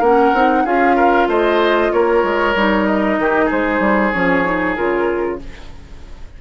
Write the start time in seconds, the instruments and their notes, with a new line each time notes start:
0.00 bassoon A#3, clarinet C#4, oboe A#4, flute F#5
0.34 bassoon C4, clarinet D#4
0.65 bassoon C#4, clarinet F4, oboe G#4, flute F5
0.97 oboe A#4
1.28 bassoon A3, oboe C5, flute D#5
1.92 bassoon A#3, oboe A#4, flute C#5
2.24 bassoon G#3
2.56 bassoon G3, clarinet D#4
2.86 flute D#5
3.19 bassoon D#3, oboe G4
3.46 bassoon G#3, oboe G#4, flute C5
3.80 bassoon G3
4.13 bassoon F3, clarinet C#4, flute C#5
4.45 clarinet D#4
4.76 bassoon C#3, clarinet F4, flute A#4